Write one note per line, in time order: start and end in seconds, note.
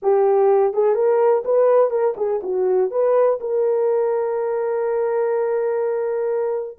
0.02 0.73 G4
0.73 0.94 G#4
0.94 1.43 A#4
1.45 1.90 B4
1.90 2.14 A#4
2.16 2.40 G#4
2.42 2.91 F#4
2.91 3.39 B4
3.40 6.78 A#4